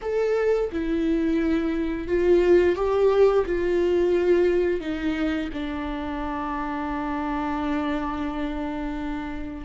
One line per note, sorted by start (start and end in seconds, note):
0.01 0.70 A4
0.71 2.07 E4
2.07 2.75 F4
2.75 3.44 G4
3.45 4.80 F4
4.80 5.49 D#4
5.53 9.65 D4